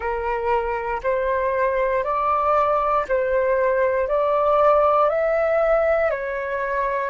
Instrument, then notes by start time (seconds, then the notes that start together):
flute
0.00 A#4
1.03 C5
2.03 D5
3.08 C5
4.08 D5
5.09 E5
6.10 C#5